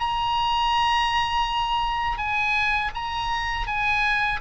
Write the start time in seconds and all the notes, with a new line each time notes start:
0.00 A#5
2.18 G#5
2.95 A#5
3.67 G#5